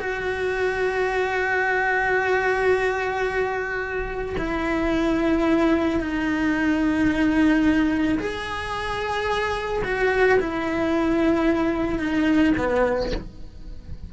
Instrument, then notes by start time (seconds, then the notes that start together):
cello
0.00 F#4
4.38 E4
6.01 D#4
8.20 G#4
9.85 F#4
10.40 E4
11.99 D#4
12.58 B3